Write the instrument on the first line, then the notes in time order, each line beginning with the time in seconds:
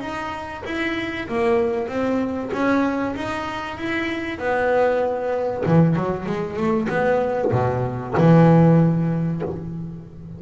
double bass
0.00 D#4
0.65 E4
1.28 A#3
1.88 C4
2.52 C#4
3.16 D#4
3.77 E4
4.38 B3
5.66 E3
5.96 F#3
6.26 G#3
6.56 A3
6.89 B3
7.52 B2
8.17 E3